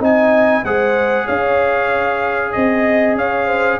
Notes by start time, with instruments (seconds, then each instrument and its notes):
0.00 tuba C4, trombone D#4, horn D#5, trumpet G#5
0.64 tuba G#3, trombone G#4, horn C5, trumpet F#5
1.25 tuba C#4, horn C#5, trumpet F5
2.52 tuba C4, trumpet D#5, horn D#5
3.15 tuba C#4, horn C#5, trumpet F5
3.47 horn C5